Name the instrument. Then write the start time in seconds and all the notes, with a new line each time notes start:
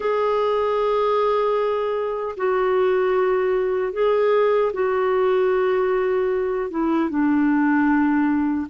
clarinet
0.00 G#4
2.36 F#4
3.93 G#4
4.73 F#4
6.70 E4
7.09 D4